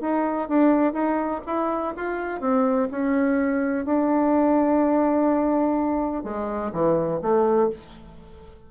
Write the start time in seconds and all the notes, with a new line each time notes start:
0.00 D#4
0.48 D4
0.93 D#4
1.46 E4
1.96 F4
2.40 C4
2.91 C#4
3.85 D4
6.24 G#3
6.72 E3
7.21 A3